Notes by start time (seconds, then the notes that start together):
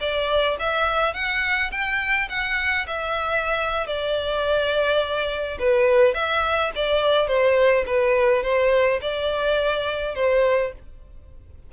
0.00 D5
0.59 E5
1.14 F#5
1.71 G5
2.29 F#5
2.87 E5
3.86 D5
5.59 B4
6.14 E5
6.76 D5
7.28 C5
7.86 B4
8.43 C5
9.01 D5
10.15 C5